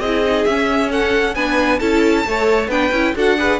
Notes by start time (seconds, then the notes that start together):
0.00 C4 E4 G#4 D#5
0.25 D#4
0.45 C#4 E5
0.90 A4 F#5
1.35 B3 D4 B4 G#5
1.79 C#4 E4 A4 A5
2.26 A3 A4 C#5
2.68 B3 D4 B4 G5
2.92 C#4 E4
3.15 D4 F#4 A4 F#5
3.38 G#4 B4